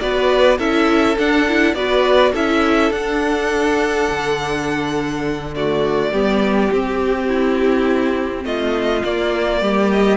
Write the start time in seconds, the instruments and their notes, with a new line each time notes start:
0.00 cello B3, viola F#4, violin B4 D5
0.58 cello C#4, viola E4, violin A4 E5
1.19 viola D4, cello D4, violin F#5
1.48 viola E4
1.75 cello B3, viola F#4, violin B4 D5
2.33 cello C#4, viola E4, violin A4 E5
2.91 cello D4, viola D4, violin F#5
4.10 cello D3
5.55 viola A3, violin F#4 D5
6.12 cello G3, viola B3, violin G4
6.72 cello C4, viola C4, violin G4
7.29 violin E4
8.45 cello A3, violin F4 D#5
9.04 cello A#3, viola A#3, violin D5
9.62 cello G3, violin G4
9.92 violin D#5